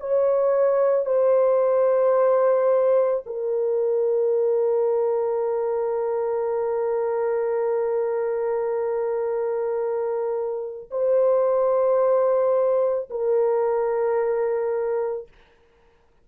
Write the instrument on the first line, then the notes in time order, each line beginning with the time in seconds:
horn
0.00 C#5
1.06 C5
3.26 A#4
10.91 C5
13.10 A#4